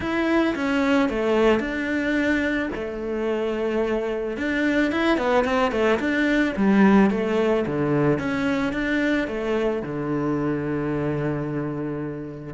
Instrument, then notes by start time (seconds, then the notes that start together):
cello
0.00 E4
0.55 C#4
1.09 A3
1.59 D4
2.74 A3
4.37 D4
4.91 E4
5.17 B3
5.44 C4
5.71 A3
5.99 D4
6.56 G3
7.10 A3
7.66 D3
8.18 C#4
8.72 D4
9.27 A3
9.82 D3